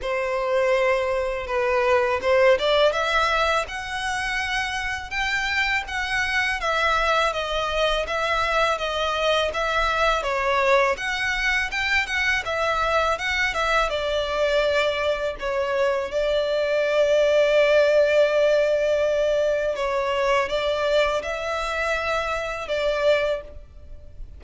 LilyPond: \new Staff \with { instrumentName = "violin" } { \time 4/4 \tempo 4 = 82 c''2 b'4 c''8 d''8 | e''4 fis''2 g''4 | fis''4 e''4 dis''4 e''4 | dis''4 e''4 cis''4 fis''4 |
g''8 fis''8 e''4 fis''8 e''8 d''4~ | d''4 cis''4 d''2~ | d''2. cis''4 | d''4 e''2 d''4 | }